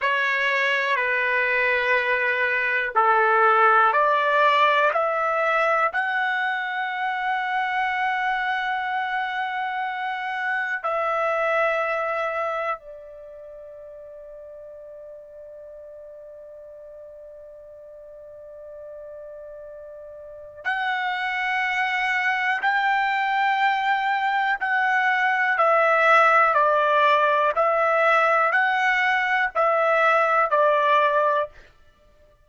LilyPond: \new Staff \with { instrumentName = "trumpet" } { \time 4/4 \tempo 4 = 61 cis''4 b'2 a'4 | d''4 e''4 fis''2~ | fis''2. e''4~ | e''4 d''2.~ |
d''1~ | d''4 fis''2 g''4~ | g''4 fis''4 e''4 d''4 | e''4 fis''4 e''4 d''4 | }